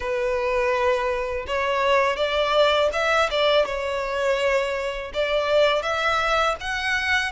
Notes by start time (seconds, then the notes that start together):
0.00 B4
1.46 C#5
2.16 D5
2.93 E5
3.30 D5
3.66 C#5
5.13 D5
5.82 E5
6.60 F#5